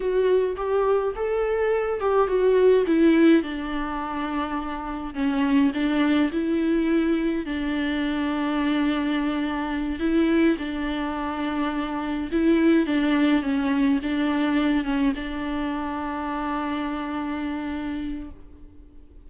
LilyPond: \new Staff \with { instrumentName = "viola" } { \time 4/4 \tempo 4 = 105 fis'4 g'4 a'4. g'8 | fis'4 e'4 d'2~ | d'4 cis'4 d'4 e'4~ | e'4 d'2.~ |
d'4. e'4 d'4.~ | d'4. e'4 d'4 cis'8~ | cis'8 d'4. cis'8 d'4.~ | d'1 | }